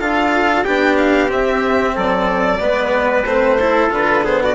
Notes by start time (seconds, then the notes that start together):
0.00 D4 F4 A4 F5
0.64 B3 D4 G4 G5
0.98 F5
1.28 C4 E5
1.96 F#3 A4 D5
2.60 G#3 B3 B4
3.24 A3 C4 C5
3.60 E4 A4
3.90 D3 F4 B4
4.24 B3 G#4 C5
4.43 F#4 D5